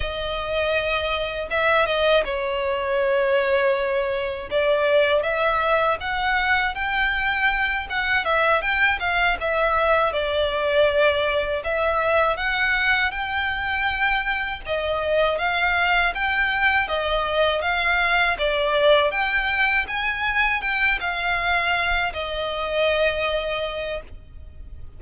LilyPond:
\new Staff \with { instrumentName = "violin" } { \time 4/4 \tempo 4 = 80 dis''2 e''8 dis''8 cis''4~ | cis''2 d''4 e''4 | fis''4 g''4. fis''8 e''8 g''8 | f''8 e''4 d''2 e''8~ |
e''8 fis''4 g''2 dis''8~ | dis''8 f''4 g''4 dis''4 f''8~ | f''8 d''4 g''4 gis''4 g''8 | f''4. dis''2~ dis''8 | }